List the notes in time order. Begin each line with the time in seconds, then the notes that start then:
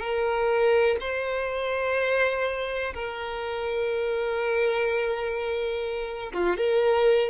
0.00 A#4
1.00 C5
2.94 A#4
6.33 F4
6.57 A#4